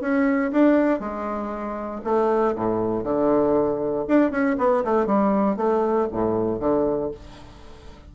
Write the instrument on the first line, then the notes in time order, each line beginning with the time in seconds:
bassoon
0.00 C#4
0.51 D4
0.99 G#3
2.04 A3
2.55 A2
3.03 D3
4.07 D4
4.31 C#4
4.58 B3
4.84 A3
5.06 G3
5.56 A3
6.11 A2
6.60 D3